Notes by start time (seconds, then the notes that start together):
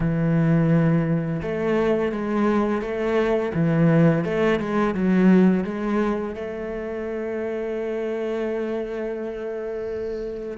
0.00 E3
1.42 A3
2.11 G#3
2.81 A3
3.54 E3
4.24 A3
4.59 G#3
4.94 F#3
5.64 G#3
6.34 A3